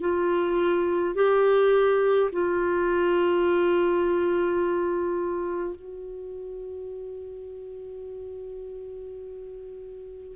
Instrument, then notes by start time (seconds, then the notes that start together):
clarinet
0.00 F4
1.15 G4
2.32 F4
5.76 F#4